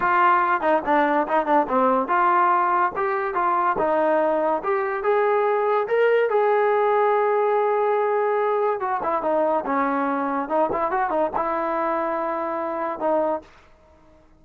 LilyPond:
\new Staff \with { instrumentName = "trombone" } { \time 4/4 \tempo 4 = 143 f'4. dis'8 d'4 dis'8 d'8 | c'4 f'2 g'4 | f'4 dis'2 g'4 | gis'2 ais'4 gis'4~ |
gis'1~ | gis'4 fis'8 e'8 dis'4 cis'4~ | cis'4 dis'8 e'8 fis'8 dis'8 e'4~ | e'2. dis'4 | }